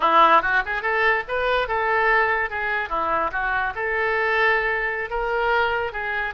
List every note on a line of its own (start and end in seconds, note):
0.00 0.41 E4
0.41 0.62 F#4
0.65 0.82 G#4
0.82 1.23 A4
1.27 1.68 B4
1.68 2.50 A4
2.50 2.89 G#4
2.89 3.30 E4
3.32 3.73 F#4
3.75 5.10 A4
5.10 5.92 A#4
5.92 6.34 G#4